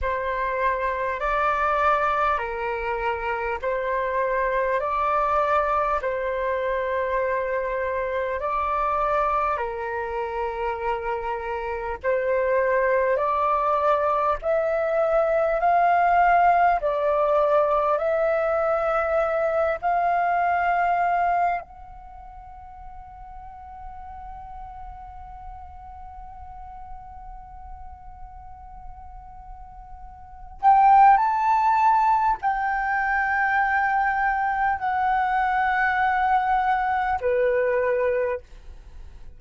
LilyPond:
\new Staff \with { instrumentName = "flute" } { \time 4/4 \tempo 4 = 50 c''4 d''4 ais'4 c''4 | d''4 c''2 d''4 | ais'2 c''4 d''4 | e''4 f''4 d''4 e''4~ |
e''8 f''4. fis''2~ | fis''1~ | fis''4. g''8 a''4 g''4~ | g''4 fis''2 b'4 | }